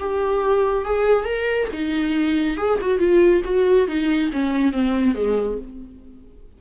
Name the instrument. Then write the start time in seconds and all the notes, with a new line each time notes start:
viola
0.00 G4
0.85 G#4
1.25 A#4
1.73 D#4
2.58 G#4
2.82 F#4
2.99 F4
3.45 F#4
3.88 D#4
4.33 C#4
4.72 C4
5.15 G#3